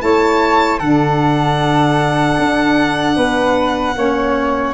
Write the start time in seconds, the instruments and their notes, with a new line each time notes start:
0.00 tuba A3, saxophone E4, flute C#5, violin A5
0.79 tuba D3, saxophone D4, flute A4, violin F#5
2.39 tuba D4
3.16 tuba B3, flute B4
3.96 tuba A#3, saxophone C#4, flute C#5